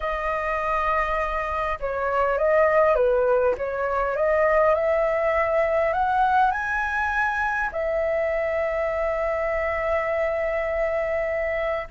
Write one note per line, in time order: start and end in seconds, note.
0.00 1.78 D#5
1.80 2.38 C#5
2.38 2.95 D#5
2.95 3.54 B4
3.57 4.16 C#5
4.16 4.74 D#5
4.74 5.93 E5
5.93 6.51 F#5
6.51 7.70 G#5
7.71 11.87 E5